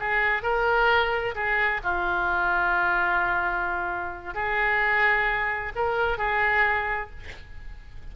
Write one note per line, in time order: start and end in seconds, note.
0.00 0.43 G#4
0.43 1.35 A#4
1.35 1.81 G#4
1.84 4.35 F4
4.35 5.73 G#4
5.76 6.18 A#4
6.18 7.10 G#4